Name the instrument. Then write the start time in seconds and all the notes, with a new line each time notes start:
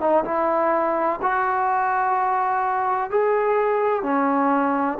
trombone
0.00 D#4
0.24 E4
1.22 F#4
3.10 G#4
4.03 C#4